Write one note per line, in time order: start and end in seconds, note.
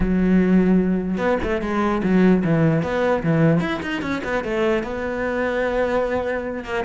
0.00 1.17 F#3
1.17 1.37 B3
1.43 1.61 A3
1.61 2.02 G#3
2.03 2.43 F#3
2.44 2.82 E3
2.82 3.23 B3
3.23 3.60 E3
3.60 3.80 E4
3.82 4.01 D#4
4.01 4.22 C#4
4.24 4.43 B3
4.43 4.83 A3
4.83 6.64 B3
6.64 6.84 A#3